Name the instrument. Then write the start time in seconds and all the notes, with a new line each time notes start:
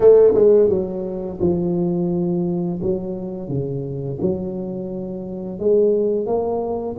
tuba
0.00 A3
0.34 G#3
0.69 F#3
1.40 F3
2.82 F#3
3.48 C#3
4.21 F#3
5.59 G#3
6.26 A#3